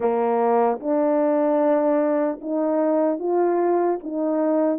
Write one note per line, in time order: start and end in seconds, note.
0.00 0.79 A#3
0.80 2.40 D4
2.41 3.19 D#4
3.19 3.99 F4
4.03 4.79 D#4